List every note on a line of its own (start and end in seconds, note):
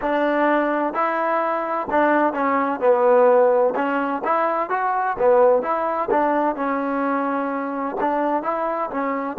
0.01 0.93 D4
0.93 1.87 E4
1.90 2.33 D4
2.33 2.80 C#4
2.80 3.73 B3
3.75 4.21 C#4
4.24 4.69 E4
4.69 5.16 F#4
5.19 5.62 B3
5.62 6.09 E4
6.10 6.55 D4
6.55 7.96 C#4
8.00 8.42 D4
8.42 8.89 E4
8.90 9.37 C#4